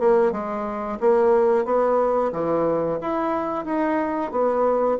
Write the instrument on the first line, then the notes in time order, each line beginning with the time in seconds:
bassoon
0.00 A#3
0.32 G#3
1.01 A#3
1.65 B3
2.32 E3
3.01 E4
3.65 D#4
4.32 B3